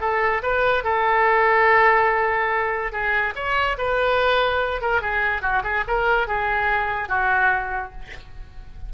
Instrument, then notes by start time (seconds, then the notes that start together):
oboe
0.00 A4
0.43 B4
0.84 A4
2.92 G#4
3.35 C#5
3.78 B4
4.81 A#4
5.01 G#4
5.42 F#4
5.63 G#4
5.87 A#4
6.27 G#4
7.09 F#4